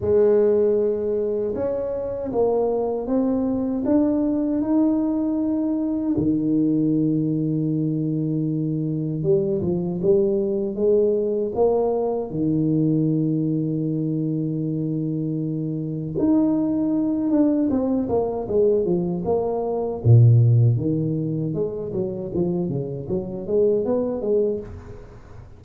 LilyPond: \new Staff \with { instrumentName = "tuba" } { \time 4/4 \tempo 4 = 78 gis2 cis'4 ais4 | c'4 d'4 dis'2 | dis1 | g8 f8 g4 gis4 ais4 |
dis1~ | dis4 dis'4. d'8 c'8 ais8 | gis8 f8 ais4 ais,4 dis4 | gis8 fis8 f8 cis8 fis8 gis8 b8 gis8 | }